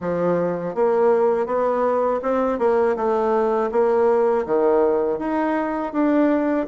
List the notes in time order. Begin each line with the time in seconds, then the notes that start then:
0.00 F3
0.74 A#3
1.46 B3
2.22 C4
2.59 A#3
2.96 A3
3.71 A#3
4.45 D#3
5.19 D#4
5.93 D4